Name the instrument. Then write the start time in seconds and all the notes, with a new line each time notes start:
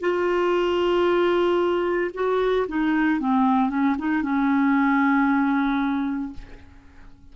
clarinet
0.00 F4
2.13 F#4
2.68 D#4
3.20 C4
3.69 C#4
3.98 D#4
4.22 C#4